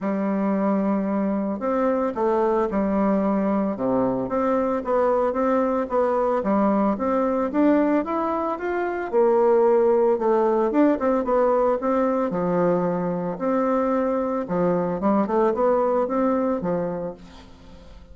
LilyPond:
\new Staff \with { instrumentName = "bassoon" } { \time 4/4 \tempo 4 = 112 g2. c'4 | a4 g2 c4 | c'4 b4 c'4 b4 | g4 c'4 d'4 e'4 |
f'4 ais2 a4 | d'8 c'8 b4 c'4 f4~ | f4 c'2 f4 | g8 a8 b4 c'4 f4 | }